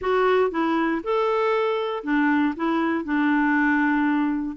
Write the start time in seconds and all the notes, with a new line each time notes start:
0.01 F#4
0.51 E4
1.03 A4
2.03 D4
2.55 E4
3.04 D4